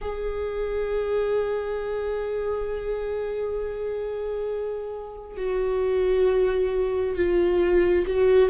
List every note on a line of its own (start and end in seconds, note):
0.01 5.36 G#4
5.36 7.16 F#4
7.16 8.05 F4
8.06 8.49 F#4